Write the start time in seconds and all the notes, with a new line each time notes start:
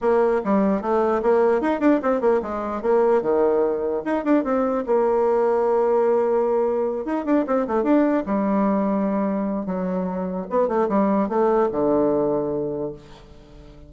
0.01 A#3
0.44 G3
0.81 A3
1.22 A#3
1.61 D#4
1.80 D4
2.02 C4
2.20 A#3
2.42 G#3
2.82 A#3
3.22 D#3
4.05 D#4
4.24 D4
4.43 C4
4.86 A#3
7.05 D#4
7.25 D4
7.46 C4
7.67 A3
7.83 D4
8.26 G3
9.66 F#3
10.50 B3
10.68 A3
10.88 G3
11.29 A3
11.71 D3